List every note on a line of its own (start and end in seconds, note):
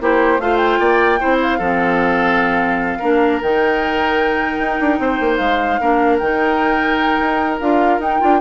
0.00 0.39 A#3
0.00 0.40 E4
0.00 0.42 G4
0.00 0.40 C5
0.39 0.79 A3
0.39 1.19 F4
0.39 0.80 C5
0.39 0.57 F5
0.57 1.37 G5
0.80 1.20 A#3
0.80 1.20 D5
1.19 1.59 C4
1.19 1.59 E4
1.19 1.58 C5
1.42 3.42 F5
1.58 2.99 F3
1.58 3.01 C4
1.58 2.98 A4
2.99 3.42 A#3
2.99 3.41 D4
2.99 4.99 A#4
3.42 4.59 D#3
3.42 5.81 D#4
3.42 5.36 G5
4.59 4.79 D#4
4.80 4.99 D4
4.99 5.19 C4
4.99 5.80 C5
5.20 5.39 A#3
5.36 5.79 G#3
5.36 6.16 F5
5.80 6.20 A#3
5.80 6.21 D4
5.80 8.40 A#4
6.18 7.20 D#3
6.18 7.61 D#4
6.18 7.58 G5
7.20 7.60 D#4
7.60 7.99 D4
7.60 8.01 F4
7.60 8.00 F5
7.99 8.19 D#4
7.99 8.20 D#4
7.99 8.41 G5
8.20 8.41 D4
8.20 8.40 F4